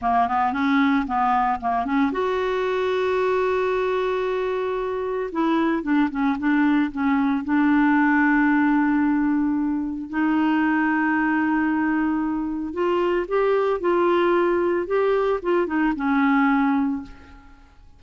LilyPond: \new Staff \with { instrumentName = "clarinet" } { \time 4/4 \tempo 4 = 113 ais8 b8 cis'4 b4 ais8 cis'8 | fis'1~ | fis'2 e'4 d'8 cis'8 | d'4 cis'4 d'2~ |
d'2. dis'4~ | dis'1 | f'4 g'4 f'2 | g'4 f'8 dis'8 cis'2 | }